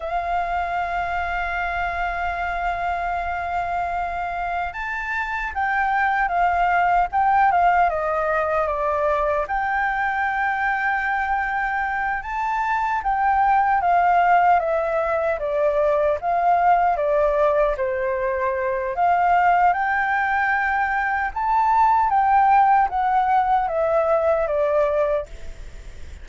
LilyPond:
\new Staff \with { instrumentName = "flute" } { \time 4/4 \tempo 4 = 76 f''1~ | f''2 a''4 g''4 | f''4 g''8 f''8 dis''4 d''4 | g''2.~ g''8 a''8~ |
a''8 g''4 f''4 e''4 d''8~ | d''8 f''4 d''4 c''4. | f''4 g''2 a''4 | g''4 fis''4 e''4 d''4 | }